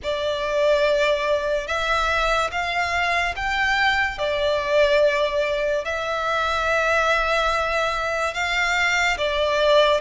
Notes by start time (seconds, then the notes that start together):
0.03 D5
1.67 E5
2.51 F5
3.36 G5
4.18 D5
5.84 E5
8.33 F5
9.17 D5